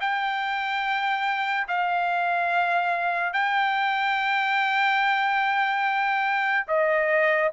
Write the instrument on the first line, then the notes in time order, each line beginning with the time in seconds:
trumpet
0.00 G5
1.68 F5
3.33 G5
6.67 D#5